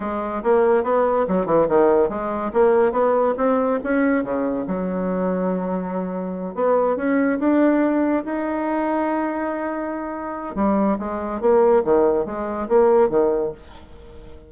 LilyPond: \new Staff \with { instrumentName = "bassoon" } { \time 4/4 \tempo 4 = 142 gis4 ais4 b4 fis8 e8 | dis4 gis4 ais4 b4 | c'4 cis'4 cis4 fis4~ | fis2.~ fis8 b8~ |
b8 cis'4 d'2 dis'8~ | dis'1~ | dis'4 g4 gis4 ais4 | dis4 gis4 ais4 dis4 | }